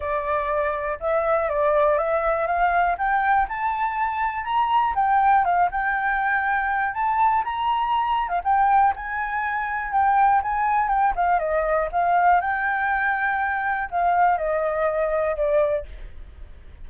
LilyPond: \new Staff \with { instrumentName = "flute" } { \time 4/4 \tempo 4 = 121 d''2 e''4 d''4 | e''4 f''4 g''4 a''4~ | a''4 ais''4 g''4 f''8 g''8~ | g''2 a''4 ais''4~ |
ais''8. f''16 g''4 gis''2 | g''4 gis''4 g''8 f''8 dis''4 | f''4 g''2. | f''4 dis''2 d''4 | }